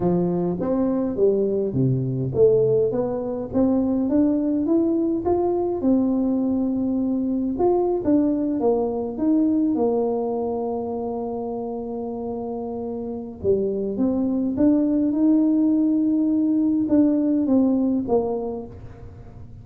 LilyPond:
\new Staff \with { instrumentName = "tuba" } { \time 4/4 \tempo 4 = 103 f4 c'4 g4 c4 | a4 b4 c'4 d'4 | e'4 f'4 c'2~ | c'4 f'8. d'4 ais4 dis'16~ |
dis'8. ais2.~ ais16~ | ais2. g4 | c'4 d'4 dis'2~ | dis'4 d'4 c'4 ais4 | }